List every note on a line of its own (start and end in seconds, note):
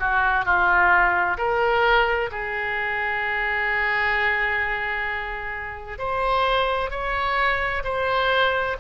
0.00 0.45 F#4
0.45 1.38 F4
1.38 2.30 A#4
2.32 5.99 G#4
5.99 6.91 C5
6.91 7.83 C#5
7.85 8.77 C5